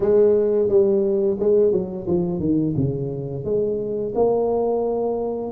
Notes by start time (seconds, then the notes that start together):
0.00 G#3
0.68 G3
1.39 G#3
1.71 F#3
2.07 F3
2.39 D#3
2.76 C#3
3.44 G#3
4.14 A#3